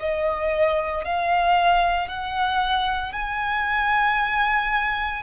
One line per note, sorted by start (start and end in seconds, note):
0.00 1.05 D#5
1.05 2.09 F5
2.09 3.13 F#5
3.13 5.23 G#5